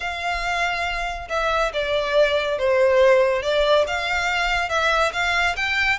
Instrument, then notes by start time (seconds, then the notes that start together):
violin
0.00 F5
1.29 E5
1.73 D5
2.58 C5
3.42 D5
3.87 F5
4.69 E5
5.12 F5
5.56 G5